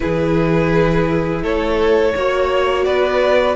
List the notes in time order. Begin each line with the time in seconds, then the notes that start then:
0.00 E3 E4 G#4 B4
1.42 A3 A4 C#5
2.14 A#3 F#4 C#5
2.84 B3 B4 D5